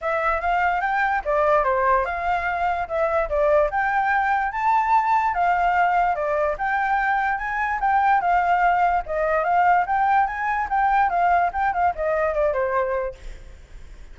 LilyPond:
\new Staff \with { instrumentName = "flute" } { \time 4/4 \tempo 4 = 146 e''4 f''4 g''4 d''4 | c''4 f''2 e''4 | d''4 g''2 a''4~ | a''4 f''2 d''4 |
g''2 gis''4 g''4 | f''2 dis''4 f''4 | g''4 gis''4 g''4 f''4 | g''8 f''8 dis''4 d''8 c''4. | }